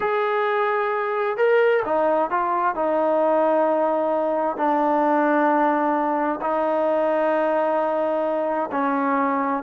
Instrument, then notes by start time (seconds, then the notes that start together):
trombone
0.00 G#4
1.37 A#4
1.85 D#4
2.30 F4
2.75 D#4
4.56 D4
6.41 D#4
8.71 C#4